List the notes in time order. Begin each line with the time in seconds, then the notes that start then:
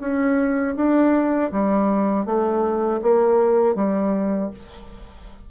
0.00 C#4
0.76 D4
1.51 G3
2.25 A3
3.02 A#3
3.75 G3